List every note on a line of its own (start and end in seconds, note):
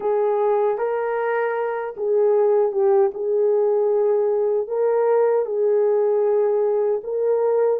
0.00 0.78 G#4
0.78 1.94 A#4
1.97 2.72 G#4
2.72 3.11 G4
3.14 4.67 G#4
4.67 5.45 A#4
5.45 7.01 G#4
7.03 7.80 A#4